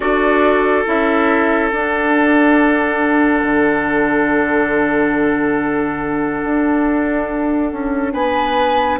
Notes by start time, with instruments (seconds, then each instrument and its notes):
0.00 bassoon D4, clarinet F#4, oboe A4, flute D5
0.85 bassoon C#4, clarinet E4, flute E5
1.68 bassoon D4, clarinet D4, flute F#5
3.42 bassoon D3
6.44 bassoon D4
7.72 bassoon C#4
8.13 bassoon B3, oboe B4, flute G#5